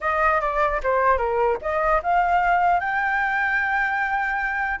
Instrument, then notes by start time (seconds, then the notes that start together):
flute
0.00 D#5
0.40 D5
0.83 C5
1.17 A#4
1.61 D#5
2.02 F5
2.80 G5